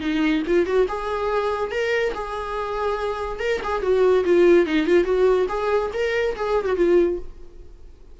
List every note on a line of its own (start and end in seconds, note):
0.00 0.42 D#4
0.46 0.65 F4
0.65 0.87 F#4
0.88 1.71 G#4
1.71 2.13 A#4
2.14 3.39 G#4
3.39 3.60 A#4
3.63 3.82 G#4
3.82 4.24 F#4
4.24 4.66 F4
4.66 4.86 D#4
4.86 5.04 F4
5.04 5.46 F#4
5.49 5.91 G#4
5.93 6.35 A#4
6.36 6.65 G#4
6.65 6.76 F#4
6.76 7.18 F4